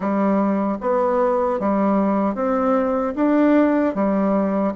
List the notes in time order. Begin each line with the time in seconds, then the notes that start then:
0.00 G3
0.80 B3
1.59 G3
2.35 C4
3.15 D4
3.94 G3